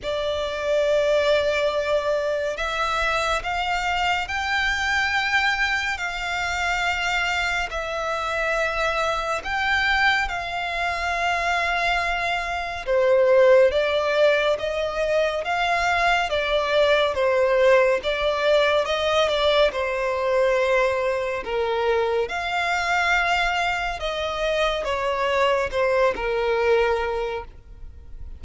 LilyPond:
\new Staff \with { instrumentName = "violin" } { \time 4/4 \tempo 4 = 70 d''2. e''4 | f''4 g''2 f''4~ | f''4 e''2 g''4 | f''2. c''4 |
d''4 dis''4 f''4 d''4 | c''4 d''4 dis''8 d''8 c''4~ | c''4 ais'4 f''2 | dis''4 cis''4 c''8 ais'4. | }